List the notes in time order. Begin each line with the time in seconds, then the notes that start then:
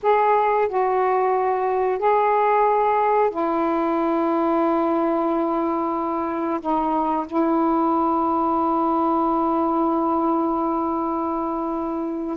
0.02 G#4
0.68 F#4
1.98 G#4
3.30 E4
6.60 D#4
7.26 E4